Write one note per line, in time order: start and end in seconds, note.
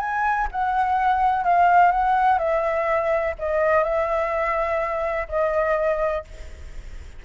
0.00 0.48 G#5
0.52 1.44 F#5
1.44 1.92 F5
1.92 2.39 F#5
2.39 3.35 E5
3.39 3.84 D#5
3.84 5.28 E5
5.29 6.25 D#5